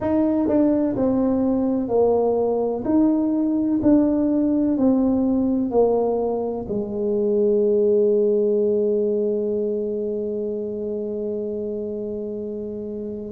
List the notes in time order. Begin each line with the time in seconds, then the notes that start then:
0.00 D#4
0.48 D4
0.96 C4
1.88 A#3
2.84 D#4
3.82 D4
4.77 C4
5.71 A#3
6.68 G#3